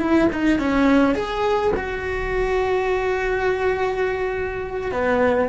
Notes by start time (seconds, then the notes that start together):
0.00 E4
0.32 D#4
0.59 C#4
1.15 G#4
1.77 F#4
4.92 B3